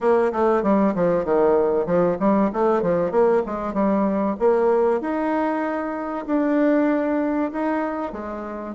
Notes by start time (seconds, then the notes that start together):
0.00 A#3
0.32 A3
0.62 G3
0.94 F3
1.24 D#3
1.86 F3
2.19 G3
2.53 A3
2.82 F3
3.11 A#3
3.45 G#3
3.73 G3
4.39 A#3
5.00 D#4
6.26 D4
7.51 D#4
8.12 G#3